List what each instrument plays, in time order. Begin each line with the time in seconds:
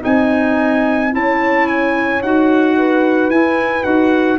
0.00 tuba C4, clarinet D#4, horn D#5, trumpet G#5
1.11 tuba C#4, clarinet E4, horn C#5, trumpet A5
1.67 trumpet G#5
2.22 tuba D#4, clarinet F#4, trumpet F#5
2.77 horn B4
3.29 tuba E4, clarinet E4, trumpet G#5
3.83 tuba D#4, clarinet F#4, trumpet F#5